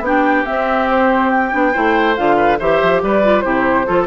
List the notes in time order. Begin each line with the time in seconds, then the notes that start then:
0.00 B3 D4 G4 G5
0.46 C4 E5
0.91 C5
1.30 G5
1.51 B3 D4
1.72 A3 E4 C5
2.16 D3 F4 F5
2.37 B4
2.59 E3 G4 C5 E5
2.82 F3
3.02 G3 B4 D5
3.23 F4
3.41 C3 E4 G4 C5
3.86 F3 F4 A4